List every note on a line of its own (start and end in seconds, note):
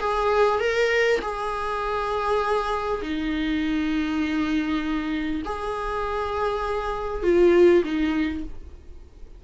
0.00 0.60 G#4
0.60 1.20 A#4
1.22 3.02 G#4
3.02 5.42 D#4
5.45 7.23 G#4
7.23 7.83 F4
7.84 8.44 D#4